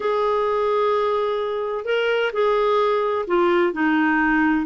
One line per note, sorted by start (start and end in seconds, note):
0.00 1.85 G#4
1.85 2.31 A#4
2.32 3.25 G#4
3.27 3.73 F4
3.73 4.66 D#4